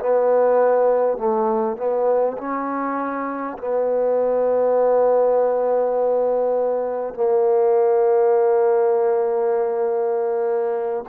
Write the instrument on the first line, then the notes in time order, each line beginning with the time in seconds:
trombone
0.00 B3
1.18 A3
1.77 B3
2.38 C#4
3.59 B3
7.15 A#3